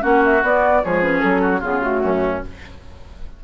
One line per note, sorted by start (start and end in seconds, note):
0.00 0.42 A#3
0.00 0.40 C#4
0.00 0.81 F#4
0.00 0.23 F#5
0.24 0.44 E5
0.42 0.82 B3
0.42 0.83 B3
0.42 0.84 D5
0.84 1.23 F3
0.84 1.02 G#3
0.84 1.41 G#4
0.84 1.02 C#5
1.02 1.62 C#4
1.02 1.19 B4
1.19 1.63 F#3
1.19 1.59 A4
1.41 1.60 F#4
1.60 2.03 C#3
1.60 1.81 B3
1.60 2.00 F4
1.60 1.81 G#4
1.81 2.41 A3
1.81 2.41 F#4
2.03 2.43 F#2
2.03 2.44 C#4